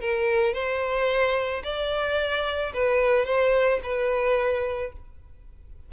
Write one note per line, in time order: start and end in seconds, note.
0.00 0.53 A#4
0.53 1.62 C5
1.63 2.72 D5
2.73 3.25 B4
3.25 3.80 C5
3.83 4.92 B4